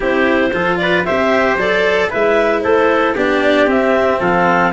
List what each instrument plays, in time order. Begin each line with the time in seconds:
0.00 tuba C4, cello E4, trumpet G4, clarinet C5
0.53 tuba F3, cello F4, trumpet A4
0.77 trumpet B4, clarinet D5
1.04 tuba C4, cello G4, trumpet C5, clarinet E5
1.56 tuba F#3, cello A4, clarinet D5
2.09 tuba G#3, cello E4, trumpet B4, clarinet E5
2.61 tuba A3, trumpet A4, clarinet C5
3.15 tuba B3, cello D4, trumpet G4, clarinet D5
3.66 tuba C4, cello C4, clarinet E5
4.19 tuba F3, trumpet A4, clarinet F5